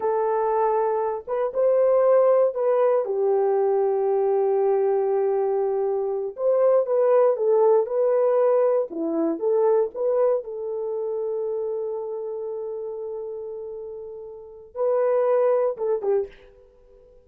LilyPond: \new Staff \with { instrumentName = "horn" } { \time 4/4 \tempo 4 = 118 a'2~ a'8 b'8 c''4~ | c''4 b'4 g'2~ | g'1~ | g'8 c''4 b'4 a'4 b'8~ |
b'4. e'4 a'4 b'8~ | b'8 a'2.~ a'8~ | a'1~ | a'4 b'2 a'8 g'8 | }